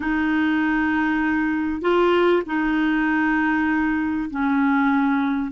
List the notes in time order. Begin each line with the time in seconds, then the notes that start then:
0.00 D#4
1.81 F4
2.46 D#4
4.30 C#4